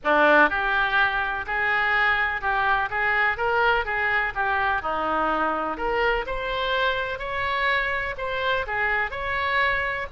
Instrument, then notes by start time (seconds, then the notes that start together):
oboe
0.03 D4
0.49 G4
1.46 G#4
2.41 G4
2.90 G#4
3.37 A#4
3.85 G#4
4.34 G4
4.82 D#4
5.77 A#4
6.26 C5
7.18 C#5
8.17 C5
8.66 G#4
9.11 C#5